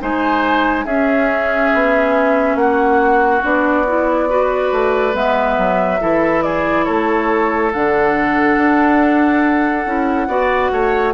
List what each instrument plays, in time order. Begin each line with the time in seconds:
0.00 bassoon G#3, clarinet D#4, oboe C5, flute G#5
0.85 bassoon C#4, clarinet C#4, oboe G#4, flute E5
1.74 bassoon B3
2.55 bassoon A#3, oboe F#4, flute F#5
3.42 bassoon B3, clarinet D4, flute D5
3.87 clarinet E4
4.29 clarinet F#4, oboe B4
4.72 bassoon A3
5.13 bassoon G#3, clarinet B3, flute E5
5.57 bassoon F#3
6.00 bassoon E3, clarinet E4, oboe A4
6.42 oboe G#4, flute D5
6.85 bassoon A3, oboe A4, flute C#5
7.73 bassoon D3, clarinet D4, flute F#5
8.57 bassoon D4
9.85 bassoon C#4, clarinet E4
10.28 bassoon B3, clarinet F#4, oboe D5
10.72 bassoon A3, oboe C#5